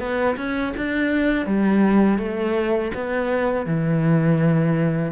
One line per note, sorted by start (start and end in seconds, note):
0.00 0.37 B3
0.37 0.74 C#4
0.77 1.46 D4
1.46 2.19 G3
2.19 2.92 A3
2.95 3.66 B3
3.66 5.13 E3